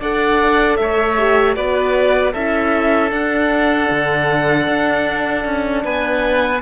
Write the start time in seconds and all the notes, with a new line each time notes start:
0.00 D4 A4 D5 F#5
0.77 A3 C#5 E5
1.18 G4
1.56 B3 F#4 B4 D5
2.33 C#4 E4 A4 E5
3.10 D4 F#5
3.91 D3
4.68 D4
5.45 C#4
5.85 B3 B4 G#5